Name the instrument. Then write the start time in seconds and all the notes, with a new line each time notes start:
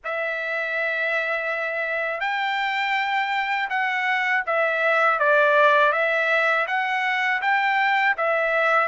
trumpet
0.04 E5
2.20 G5
3.69 F#5
4.46 E5
5.19 D5
5.92 E5
6.67 F#5
7.41 G5
8.17 E5